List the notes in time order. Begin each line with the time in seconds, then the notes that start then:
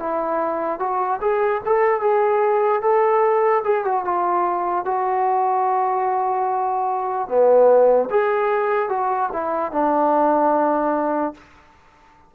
0.00 E4
0.80 F#4
1.21 G#4
1.66 A4
2.01 G#4
2.82 A4
3.64 G#4
3.85 F#4
4.05 F4
4.85 F#4
7.29 B3
8.11 G#4
8.89 F#4
9.33 E4
9.72 D4